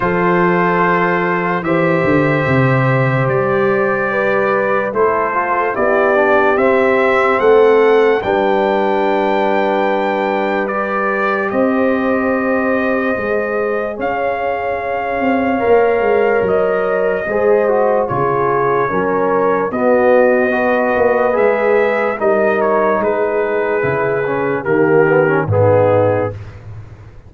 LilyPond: <<
  \new Staff \with { instrumentName = "trumpet" } { \time 4/4 \tempo 4 = 73 c''2 e''2 | d''2 c''4 d''4 | e''4 fis''4 g''2~ | g''4 d''4 dis''2~ |
dis''4 f''2. | dis''2 cis''2 | dis''2 e''4 dis''8 cis''8 | b'2 ais'4 gis'4 | }
  \new Staff \with { instrumentName = "horn" } { \time 4/4 a'2 c''2~ | c''4 b'4 a'4 g'4~ | g'4 a'4 b'2~ | b'2 c''2~ |
c''4 cis''2.~ | cis''4 c''4 gis'4 ais'4 | fis'4 b'2 ais'4 | gis'2 g'4 dis'4 | }
  \new Staff \with { instrumentName = "trombone" } { \time 4/4 f'2 g'2~ | g'2 e'8 f'8 e'8 d'8 | c'2 d'2~ | d'4 g'2. |
gis'2. ais'4~ | ais'4 gis'8 fis'8 f'4 cis'4 | b4 fis'4 gis'4 dis'4~ | dis'4 e'8 cis'8 ais8 b16 cis'16 b4 | }
  \new Staff \with { instrumentName = "tuba" } { \time 4/4 f2 e8 d8 c4 | g2 a4 b4 | c'4 a4 g2~ | g2 c'2 |
gis4 cis'4. c'8 ais8 gis8 | fis4 gis4 cis4 fis4 | b4. ais8 gis4 g4 | gis4 cis4 dis4 gis,4 | }
>>